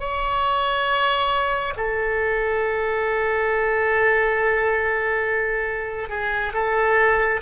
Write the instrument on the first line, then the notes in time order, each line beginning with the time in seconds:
oboe
0.00 C#5
1.77 A4
6.09 G#4
6.54 A4